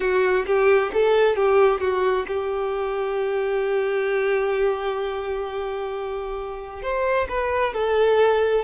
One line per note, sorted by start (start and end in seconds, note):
0.00 0.45 F#4
0.46 0.91 G4
0.93 1.36 A4
1.36 1.80 G4
1.80 2.26 F#4
2.27 6.82 G4
6.82 7.27 C5
7.29 7.73 B4
7.73 8.64 A4